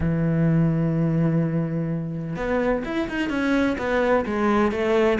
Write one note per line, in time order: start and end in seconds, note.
0.00 2.36 E3
2.36 2.83 B3
2.84 3.08 E4
3.08 3.29 D#4
3.29 3.76 C#4
3.78 4.25 B3
4.25 4.71 G#3
4.71 5.18 A3